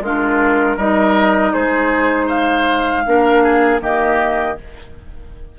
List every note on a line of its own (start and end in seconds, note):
0.00 0.76 G#3
0.00 0.78 D4
0.00 0.77 F4
0.00 0.79 A#4
0.76 1.52 G3
0.76 3.05 D#4
0.76 1.53 A#4
0.76 1.53 D#5
1.53 3.06 G#3
1.53 2.27 G#4
1.53 2.29 C5
2.27 3.03 C5
2.27 3.81 F5
3.05 3.80 A#3
3.05 3.80 D4
3.05 3.43 A#4
3.43 3.81 G#4
3.80 4.56 D#3
3.80 4.56 A#3
3.80 4.58 G4
3.80 4.58 D#5